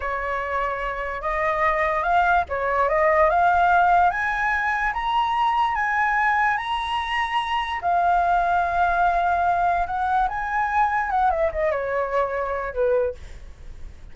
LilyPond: \new Staff \with { instrumentName = "flute" } { \time 4/4 \tempo 4 = 146 cis''2. dis''4~ | dis''4 f''4 cis''4 dis''4 | f''2 gis''2 | ais''2 gis''2 |
ais''2. f''4~ | f''1 | fis''4 gis''2 fis''8 e''8 | dis''8 cis''2~ cis''8 b'4 | }